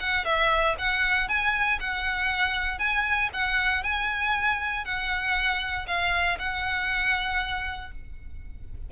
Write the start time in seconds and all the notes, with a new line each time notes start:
0.00 F#5
0.25 E5
0.79 F#5
1.29 G#5
1.81 F#5
2.79 G#5
3.34 F#5
3.84 G#5
4.85 F#5
5.88 F5
6.39 F#5